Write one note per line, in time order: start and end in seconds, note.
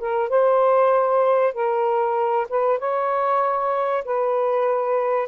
0.00 0.29 A#4
0.29 1.54 C5
1.54 2.47 A#4
2.49 2.79 B4
2.79 4.04 C#5
4.05 5.28 B4